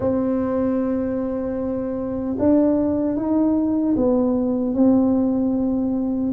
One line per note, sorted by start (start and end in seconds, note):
0.00 2.36 C4
2.39 3.16 D4
3.16 3.95 D#4
3.96 4.74 B3
4.74 6.32 C4